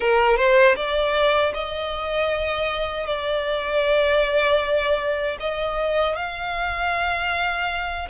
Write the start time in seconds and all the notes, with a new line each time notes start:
0.00 A#4
0.36 C5
0.76 D5
1.54 D#5
3.06 D5
5.40 D#5
6.16 F5